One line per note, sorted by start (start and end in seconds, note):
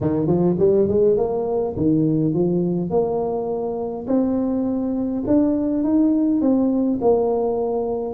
0.01 0.26 D#3
0.26 0.56 F3
0.58 0.87 G3
0.88 1.17 G#3
1.17 1.75 A#3
1.76 2.33 D#3
2.33 2.90 F3
2.90 4.06 A#3
4.07 5.23 C4
5.26 5.83 D4
5.83 6.41 D#4
6.41 6.99 C4
7.01 8.14 A#3